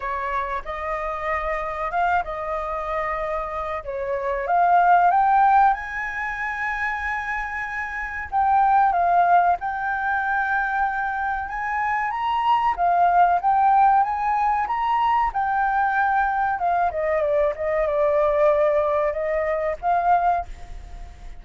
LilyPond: \new Staff \with { instrumentName = "flute" } { \time 4/4 \tempo 4 = 94 cis''4 dis''2 f''8 dis''8~ | dis''2 cis''4 f''4 | g''4 gis''2.~ | gis''4 g''4 f''4 g''4~ |
g''2 gis''4 ais''4 | f''4 g''4 gis''4 ais''4 | g''2 f''8 dis''8 d''8 dis''8 | d''2 dis''4 f''4 | }